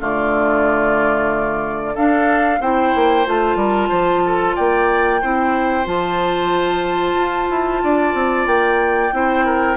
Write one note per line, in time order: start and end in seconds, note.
0.00 1.96 D3
0.00 1.96 A3
0.00 1.95 F4
0.00 1.96 D5
1.95 2.61 D4
1.95 2.60 A4
1.95 2.61 F5
2.61 2.93 C4
2.61 3.26 E4
2.61 3.58 C5
2.61 3.27 G5
2.95 3.27 A#3
3.26 3.56 A3
3.26 5.21 F4
3.26 4.56 A5
3.56 3.89 G3
3.56 3.89 A#4
3.89 4.57 F3
3.89 4.22 C5
4.26 4.56 A4
4.56 5.23 A#3
4.56 5.21 D5
4.56 5.87 G5
5.22 5.87 C4
5.22 5.85 E4
5.22 7.83 C5
5.85 7.16 F3
5.85 9.11 F4
5.85 8.48 A5
7.16 7.48 F4
7.50 7.83 E4
7.83 8.14 D4
7.83 9.15 D5
8.14 8.47 C4
8.47 9.12 A#3
8.47 9.77 G5
9.13 9.77 C4
9.13 9.77 E4
9.13 9.46 C5
9.46 9.77 A#4